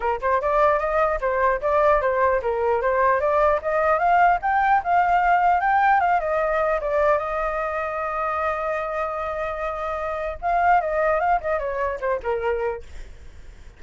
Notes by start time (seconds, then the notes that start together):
0.00 A#4
0.21 C5
0.41 D5
0.79 D#5
1.21 C5
1.61 D5
2.01 C5
2.41 A#4
2.81 C5
3.20 D5
3.62 D#5
3.99 F5
4.41 G5
4.83 F5
5.60 G5
6.00 F5
6.19 D#5
6.81 D5
7.18 D#5
10.41 F5
10.80 D#5
11.19 F5
11.40 D#5
11.59 C#5
12.00 C5
12.22 A#4